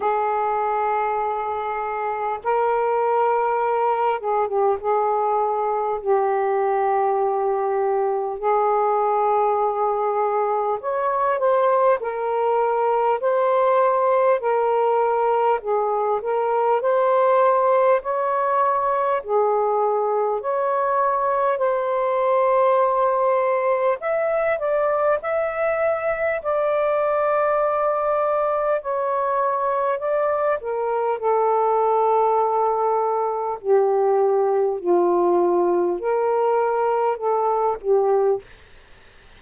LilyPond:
\new Staff \with { instrumentName = "saxophone" } { \time 4/4 \tempo 4 = 50 gis'2 ais'4. gis'16 g'16 | gis'4 g'2 gis'4~ | gis'4 cis''8 c''8 ais'4 c''4 | ais'4 gis'8 ais'8 c''4 cis''4 |
gis'4 cis''4 c''2 | e''8 d''8 e''4 d''2 | cis''4 d''8 ais'8 a'2 | g'4 f'4 ais'4 a'8 g'8 | }